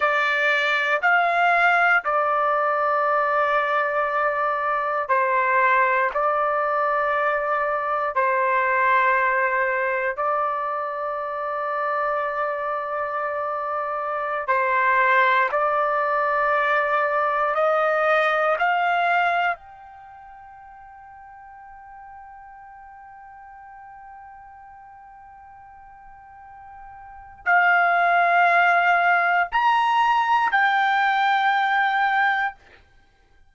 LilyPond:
\new Staff \with { instrumentName = "trumpet" } { \time 4/4 \tempo 4 = 59 d''4 f''4 d''2~ | d''4 c''4 d''2 | c''2 d''2~ | d''2~ d''16 c''4 d''8.~ |
d''4~ d''16 dis''4 f''4 g''8.~ | g''1~ | g''2. f''4~ | f''4 ais''4 g''2 | }